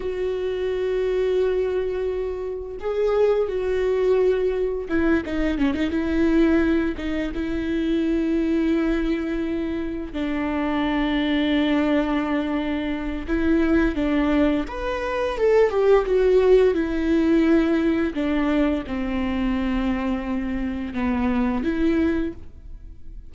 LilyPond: \new Staff \with { instrumentName = "viola" } { \time 4/4 \tempo 4 = 86 fis'1 | gis'4 fis'2 e'8 dis'8 | cis'16 dis'16 e'4. dis'8 e'4.~ | e'2~ e'8 d'4.~ |
d'2. e'4 | d'4 b'4 a'8 g'8 fis'4 | e'2 d'4 c'4~ | c'2 b4 e'4 | }